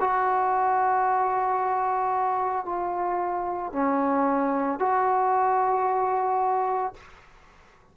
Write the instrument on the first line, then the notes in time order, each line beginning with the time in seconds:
trombone
0.00 F#4
2.65 F4
3.72 C#4
4.79 F#4